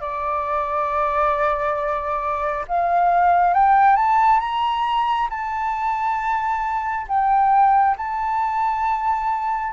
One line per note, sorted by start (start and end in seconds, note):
0.00 2.65 D5
2.68 3.53 F5
3.53 3.96 G5
3.96 4.39 A5
4.39 5.27 A#5
5.29 7.06 A5
7.08 7.96 G5
7.97 9.72 A5